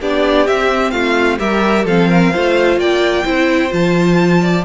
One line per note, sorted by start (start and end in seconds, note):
0.00 0.48 B3
0.00 0.48 D4
0.00 0.93 G4
0.00 0.47 D5
0.47 1.39 C4
0.47 0.92 C4
0.47 0.91 E5
0.91 1.39 A3
0.91 1.39 F4
0.91 1.37 F5
1.39 1.85 G3
1.39 1.86 G4
1.39 1.86 A#4
1.39 1.86 E5
1.85 2.32 F3
1.85 2.34 C4
1.85 2.09 A4
1.85 2.80 F5
2.09 2.32 A#4
2.33 2.77 A3
2.33 3.25 F4
2.33 2.79 C5
2.77 3.24 A#3
2.77 3.25 D5
2.77 3.73 G5
3.25 3.72 C4
3.25 3.69 E4
3.25 4.41 C5
3.69 4.65 F3
3.69 4.62 F4
3.69 4.65 A5
4.42 4.65 D5